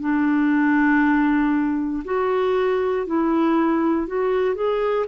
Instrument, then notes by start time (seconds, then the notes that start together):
clarinet
0.00 D4
2.05 F#4
3.06 E4
4.07 F#4
4.55 G#4